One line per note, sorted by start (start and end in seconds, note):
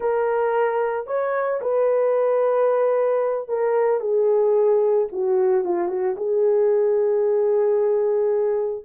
0.00 1.06 A#4
1.06 1.60 C#5
1.61 3.48 B4
3.48 4.00 A#4
4.00 5.07 G#4
5.12 5.64 F#4
5.64 5.88 F4
5.88 6.15 F#4
6.17 8.84 G#4